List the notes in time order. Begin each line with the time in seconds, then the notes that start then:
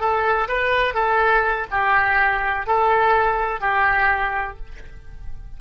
0.00 A4
0.49 B4
0.94 A4
1.71 G4
2.67 A4
3.61 G4